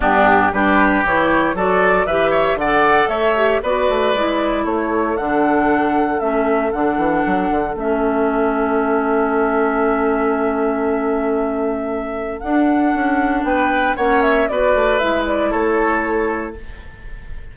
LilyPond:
<<
  \new Staff \with { instrumentName = "flute" } { \time 4/4 \tempo 4 = 116 g'4 b'4 cis''4 d''4 | e''4 fis''4 e''4 d''4~ | d''4 cis''4 fis''2 | e''4 fis''2 e''4~ |
e''1~ | e''1 | fis''2 g''4 fis''8 e''8 | d''4 e''8 d''8 cis''2 | }
  \new Staff \with { instrumentName = "oboe" } { \time 4/4 d'4 g'2 a'4 | b'8 cis''8 d''4 cis''4 b'4~ | b'4 a'2.~ | a'1~ |
a'1~ | a'1~ | a'2 b'4 cis''4 | b'2 a'2 | }
  \new Staff \with { instrumentName = "clarinet" } { \time 4/4 b4 d'4 e'4 fis'4 | g'4 a'4. g'8 fis'4 | e'2 d'2 | cis'4 d'2 cis'4~ |
cis'1~ | cis'1 | d'2. cis'4 | fis'4 e'2. | }
  \new Staff \with { instrumentName = "bassoon" } { \time 4/4 g,4 g4 e4 fis4 | e4 d4 a4 b8 a8 | gis4 a4 d2 | a4 d8 e8 fis8 d8 a4~ |
a1~ | a1 | d'4 cis'4 b4 ais4 | b8 a8 gis4 a2 | }
>>